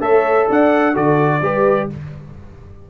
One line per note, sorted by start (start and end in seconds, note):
0.00 0.47 A3
0.00 0.94 A4
0.00 0.48 C#5
0.00 0.48 E5
0.48 0.96 D4
0.48 0.93 D5
0.48 0.96 F#5
0.93 1.41 D3
0.93 1.41 F#4
0.93 1.40 A4
0.93 1.90 D5
1.41 1.88 G3
1.41 1.90 G4
1.41 1.90 B4